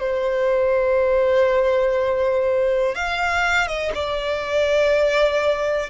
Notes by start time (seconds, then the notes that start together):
0.00 C5
2.95 F5
3.68 D#5
3.95 D5